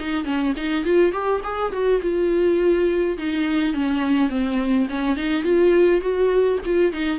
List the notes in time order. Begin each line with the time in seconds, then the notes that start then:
0.00 D#4
0.25 C#4
0.57 D#4
0.85 F4
1.12 G4
1.44 G#4
1.72 F#4
2.02 F4
3.18 D#4
3.74 C#4
4.29 C4
4.89 C#4
5.17 D#4
5.44 F4
6.01 F#4
6.66 F4
6.93 D#4